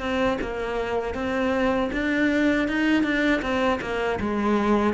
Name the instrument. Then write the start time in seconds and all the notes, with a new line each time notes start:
cello
0.00 C4
0.42 A#3
1.15 C4
1.93 D4
2.68 D#4
3.03 D4
3.42 C4
3.81 A#3
4.20 G#3